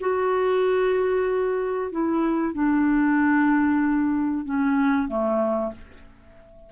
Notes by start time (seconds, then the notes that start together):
0.00 F#4
1.91 E4
2.54 D4
4.45 C#4
5.08 A3